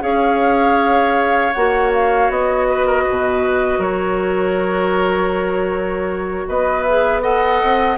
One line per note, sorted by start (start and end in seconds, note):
0.00 1.54 C#4
0.00 1.52 G#4
0.00 2.68 C#5
0.00 1.53 F5
1.53 2.29 A#3
1.53 6.88 F#4
1.53 1.91 F#5
1.94 2.30 F5
2.29 3.05 B3
2.29 3.82 D#5
2.69 2.86 B4
2.86 3.03 A#4
3.03 3.79 B4
3.09 3.78 B2
3.78 6.44 F#3
3.78 6.45 A#4
3.78 6.48 C#5
6.48 7.62 B3
6.48 7.22 B4
6.48 6.83 D#5
6.83 7.21 G#4
6.83 7.21 E5
7.21 7.97 A4
7.21 7.97 D#5
7.21 7.97 F#5
7.63 7.97 C4